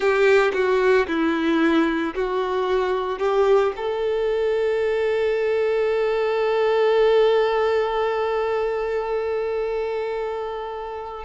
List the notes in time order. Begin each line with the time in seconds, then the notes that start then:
0.00 G4
0.53 F#4
1.07 E4
2.14 F#4
3.19 G4
3.76 A4